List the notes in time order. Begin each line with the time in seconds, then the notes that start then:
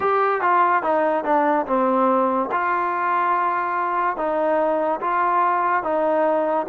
0.00 G4
0.41 F4
0.83 D#4
1.24 D4
1.66 C4
2.51 F4
4.16 D#4
5.00 F4
5.83 D#4